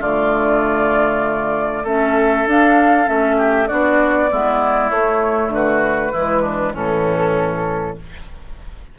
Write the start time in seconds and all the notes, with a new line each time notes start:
0.00 D3 A3 F4 D5
1.84 A3 C#4 A4 E5
2.46 D4 F5
3.05 A3 C#4 E5
3.38 G4
3.67 B3 D4 F#4 D5
4.31 G#3 B3 E4
4.90 A3 C#5
5.48 D3 F#4 B4
6.12 E3 G#3 E4
6.42 D4
6.74 A2 E3 C#4 A4